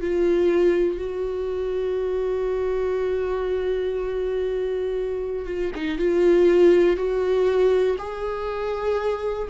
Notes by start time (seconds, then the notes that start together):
0.00 F4
0.98 F#4
5.46 F4
5.75 D#4
5.98 F4
6.96 F#4
7.98 G#4